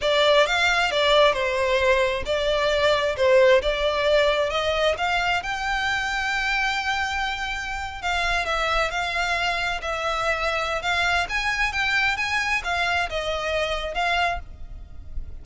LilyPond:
\new Staff \with { instrumentName = "violin" } { \time 4/4 \tempo 4 = 133 d''4 f''4 d''4 c''4~ | c''4 d''2 c''4 | d''2 dis''4 f''4 | g''1~ |
g''4.~ g''16 f''4 e''4 f''16~ | f''4.~ f''16 e''2~ e''16 | f''4 gis''4 g''4 gis''4 | f''4 dis''2 f''4 | }